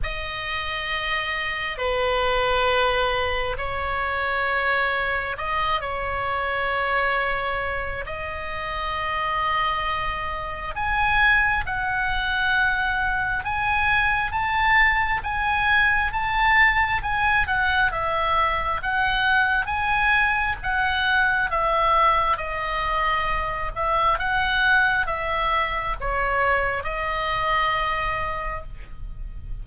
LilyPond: \new Staff \with { instrumentName = "oboe" } { \time 4/4 \tempo 4 = 67 dis''2 b'2 | cis''2 dis''8 cis''4.~ | cis''4 dis''2. | gis''4 fis''2 gis''4 |
a''4 gis''4 a''4 gis''8 fis''8 | e''4 fis''4 gis''4 fis''4 | e''4 dis''4. e''8 fis''4 | e''4 cis''4 dis''2 | }